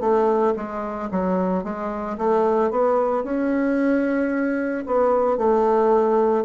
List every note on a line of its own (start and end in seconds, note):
0.00 0.54 A3
0.56 1.10 G#3
1.11 1.64 F#3
1.64 2.17 G#3
2.18 2.71 A3
2.71 3.24 B3
3.24 4.85 C#4
4.86 5.37 B3
5.37 6.44 A3